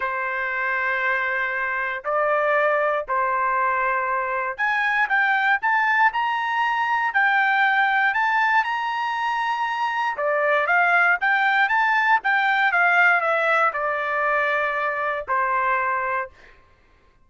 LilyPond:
\new Staff \with { instrumentName = "trumpet" } { \time 4/4 \tempo 4 = 118 c''1 | d''2 c''2~ | c''4 gis''4 g''4 a''4 | ais''2 g''2 |
a''4 ais''2. | d''4 f''4 g''4 a''4 | g''4 f''4 e''4 d''4~ | d''2 c''2 | }